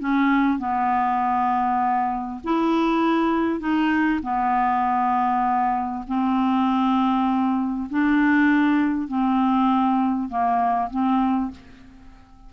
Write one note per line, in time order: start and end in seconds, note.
0.00 0.59 C#4
0.59 2.41 B3
2.44 3.60 E4
3.60 4.20 D#4
4.23 6.04 B3
6.07 7.89 C4
7.90 9.08 D4
9.08 10.29 C4
10.29 10.90 A#3
10.90 11.51 C4